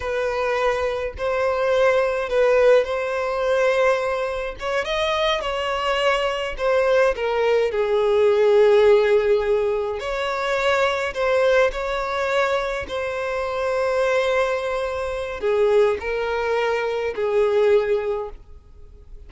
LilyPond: \new Staff \with { instrumentName = "violin" } { \time 4/4 \tempo 4 = 105 b'2 c''2 | b'4 c''2. | cis''8 dis''4 cis''2 c''8~ | c''8 ais'4 gis'2~ gis'8~ |
gis'4. cis''2 c''8~ | c''8 cis''2 c''4.~ | c''2. gis'4 | ais'2 gis'2 | }